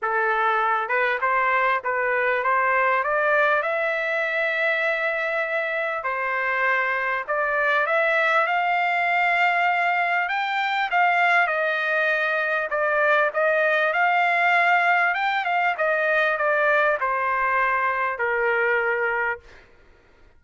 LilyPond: \new Staff \with { instrumentName = "trumpet" } { \time 4/4 \tempo 4 = 99 a'4. b'8 c''4 b'4 | c''4 d''4 e''2~ | e''2 c''2 | d''4 e''4 f''2~ |
f''4 g''4 f''4 dis''4~ | dis''4 d''4 dis''4 f''4~ | f''4 g''8 f''8 dis''4 d''4 | c''2 ais'2 | }